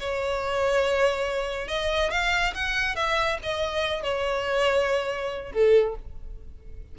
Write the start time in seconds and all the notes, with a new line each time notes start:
0.00 C#5
1.68 D#5
2.11 F5
2.55 F#5
2.96 E5
3.43 D#5
4.03 C#5
5.52 A4